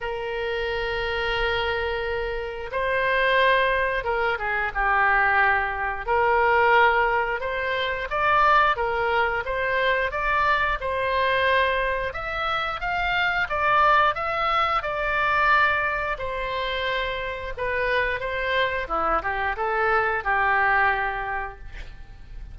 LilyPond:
\new Staff \with { instrumentName = "oboe" } { \time 4/4 \tempo 4 = 89 ais'1 | c''2 ais'8 gis'8 g'4~ | g'4 ais'2 c''4 | d''4 ais'4 c''4 d''4 |
c''2 e''4 f''4 | d''4 e''4 d''2 | c''2 b'4 c''4 | e'8 g'8 a'4 g'2 | }